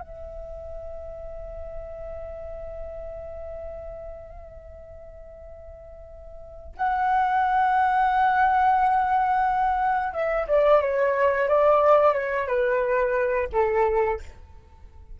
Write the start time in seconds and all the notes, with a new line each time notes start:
0.00 E5
6.76 F#5
10.13 E5
10.47 D5
10.81 C#5
11.48 D5
12.13 C#5
12.47 B4
13.52 A4